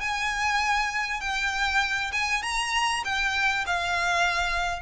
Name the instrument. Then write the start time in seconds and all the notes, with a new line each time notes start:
violin
0.00 G#5
1.20 G5
2.12 G#5
2.42 A#5
3.04 G5
3.66 F5